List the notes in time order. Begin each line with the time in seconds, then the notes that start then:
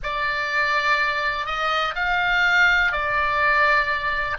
0.03 D5
1.46 D#5
1.95 F5
2.92 D5